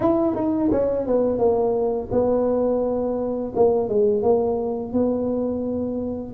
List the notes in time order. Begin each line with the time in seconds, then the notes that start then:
0.00 E4
0.35 D#4
0.71 C#4
1.06 B3
1.38 A#3
2.11 B3
3.55 A#3
3.88 G#3
4.22 A#3
4.92 B3